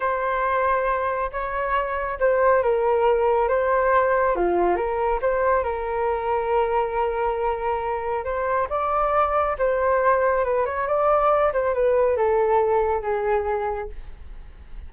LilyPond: \new Staff \with { instrumentName = "flute" } { \time 4/4 \tempo 4 = 138 c''2. cis''4~ | cis''4 c''4 ais'2 | c''2 f'4 ais'4 | c''4 ais'2.~ |
ais'2. c''4 | d''2 c''2 | b'8 cis''8 d''4. c''8 b'4 | a'2 gis'2 | }